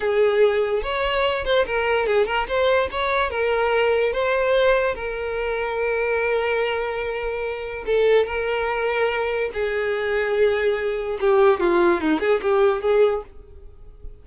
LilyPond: \new Staff \with { instrumentName = "violin" } { \time 4/4 \tempo 4 = 145 gis'2 cis''4. c''8 | ais'4 gis'8 ais'8 c''4 cis''4 | ais'2 c''2 | ais'1~ |
ais'2. a'4 | ais'2. gis'4~ | gis'2. g'4 | f'4 dis'8 gis'8 g'4 gis'4 | }